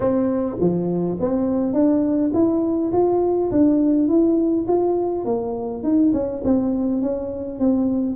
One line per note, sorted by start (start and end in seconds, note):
0.00 0.57 C4
0.60 1.18 F3
1.19 1.73 C4
1.73 2.31 D4
2.33 2.92 E4
2.92 3.50 F4
3.51 4.08 D4
4.08 4.66 E4
4.67 5.25 F4
5.25 5.83 A#3
5.83 6.12 D#4
6.13 6.42 C#4
6.43 7.01 C4
7.01 7.59 C#4
7.59 8.16 C4